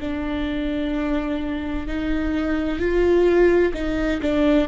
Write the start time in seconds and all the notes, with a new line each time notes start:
0.00 D4
1.87 D#4
2.80 F4
3.74 D#4
4.22 D4